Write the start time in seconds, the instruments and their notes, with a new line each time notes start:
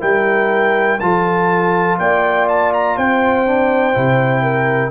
0.00 tuba G3, trombone E4, horn A#4, trumpet G5
1.00 tuba F3, trombone F4, horn A4, trumpet A5
1.99 tuba A#3, horn D5, trumpet G5
2.48 trumpet A5
2.73 trumpet A#5
2.97 tuba C4, horn C5, trumpet G5
3.46 trombone D4
3.93 tuba C3, trombone E4
4.42 horn A#4